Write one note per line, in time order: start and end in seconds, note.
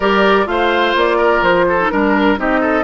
0.00 0.46 G3
0.00 0.45 G4
0.00 0.45 A#4
0.00 0.47 D5
0.45 0.94 A3
0.45 1.76 F4
0.45 1.17 C5
0.45 0.94 F5
0.95 1.41 A#3
0.95 1.43 D5
1.17 1.65 A#4
1.41 1.89 F3
1.41 1.88 C5
1.68 1.92 A4
1.80 1.91 D#4
1.88 2.38 G3
1.88 2.37 D4
1.88 2.36 A#4
1.88 2.39 A#4
2.37 2.84 C4
2.37 2.84 D#4
2.37 2.60 G4
2.37 2.84 D#5
2.60 2.84 A4